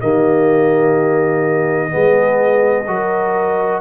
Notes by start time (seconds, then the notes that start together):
0.00 D#3 A#3 G4 D#5
1.89 B3 G#4
1.96 G#3
2.87 F#3 F#4 A#4